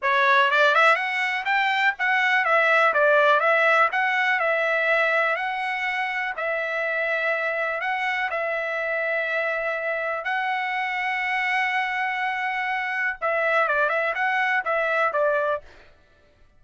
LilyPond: \new Staff \with { instrumentName = "trumpet" } { \time 4/4 \tempo 4 = 123 cis''4 d''8 e''8 fis''4 g''4 | fis''4 e''4 d''4 e''4 | fis''4 e''2 fis''4~ | fis''4 e''2. |
fis''4 e''2.~ | e''4 fis''2.~ | fis''2. e''4 | d''8 e''8 fis''4 e''4 d''4 | }